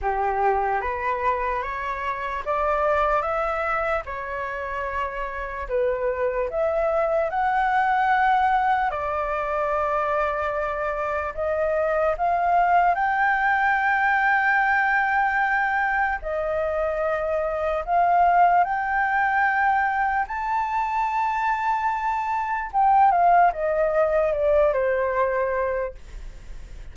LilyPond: \new Staff \with { instrumentName = "flute" } { \time 4/4 \tempo 4 = 74 g'4 b'4 cis''4 d''4 | e''4 cis''2 b'4 | e''4 fis''2 d''4~ | d''2 dis''4 f''4 |
g''1 | dis''2 f''4 g''4~ | g''4 a''2. | g''8 f''8 dis''4 d''8 c''4. | }